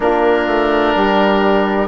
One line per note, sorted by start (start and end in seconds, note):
0.00 0.46 A#3
0.00 1.88 D4
0.00 0.96 F4
0.00 1.88 A#4
0.46 0.94 A3
0.95 1.88 G3
0.95 1.88 G4